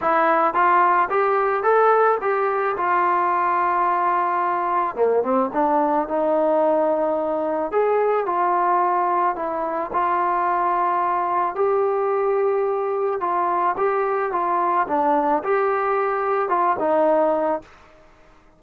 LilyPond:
\new Staff \with { instrumentName = "trombone" } { \time 4/4 \tempo 4 = 109 e'4 f'4 g'4 a'4 | g'4 f'2.~ | f'4 ais8 c'8 d'4 dis'4~ | dis'2 gis'4 f'4~ |
f'4 e'4 f'2~ | f'4 g'2. | f'4 g'4 f'4 d'4 | g'2 f'8 dis'4. | }